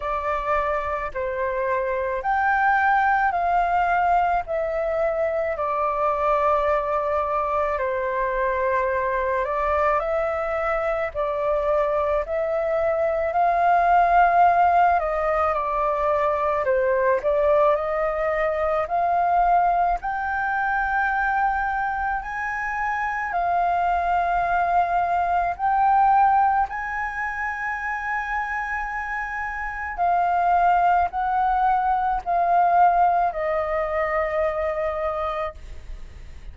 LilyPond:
\new Staff \with { instrumentName = "flute" } { \time 4/4 \tempo 4 = 54 d''4 c''4 g''4 f''4 | e''4 d''2 c''4~ | c''8 d''8 e''4 d''4 e''4 | f''4. dis''8 d''4 c''8 d''8 |
dis''4 f''4 g''2 | gis''4 f''2 g''4 | gis''2. f''4 | fis''4 f''4 dis''2 | }